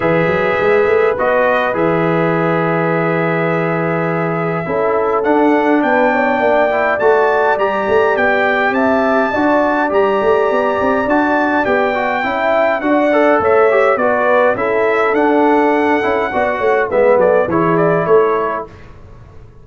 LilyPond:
<<
  \new Staff \with { instrumentName = "trumpet" } { \time 4/4 \tempo 4 = 103 e''2 dis''4 e''4~ | e''1~ | e''4 fis''4 g''2 | a''4 ais''4 g''4 a''4~ |
a''4 ais''2 a''4 | g''2 fis''4 e''4 | d''4 e''4 fis''2~ | fis''4 e''8 d''8 cis''8 d''8 cis''4 | }
  \new Staff \with { instrumentName = "horn" } { \time 4/4 b'1~ | b'1 | a'2 b'8 cis''8 d''4~ | d''2. e''4 |
d''1~ | d''4 e''4 d''4 cis''4 | b'4 a'2. | d''8 cis''8 b'8 a'8 gis'4 a'4 | }
  \new Staff \with { instrumentName = "trombone" } { \time 4/4 gis'2 fis'4 gis'4~ | gis'1 | e'4 d'2~ d'8 e'8 | fis'4 g'2. |
fis'4 g'2 fis'4 | g'8 fis'8 e'4 fis'8 a'4 g'8 | fis'4 e'4 d'4. e'8 | fis'4 b4 e'2 | }
  \new Staff \with { instrumentName = "tuba" } { \time 4/4 e8 fis8 gis8 a8 b4 e4~ | e1 | cis'4 d'4 b4 ais4 | a4 g8 a8 b4 c'4 |
d'4 g8 a8 b8 c'8 d'4 | b4 cis'4 d'4 a4 | b4 cis'4 d'4. cis'8 | b8 a8 gis8 fis8 e4 a4 | }
>>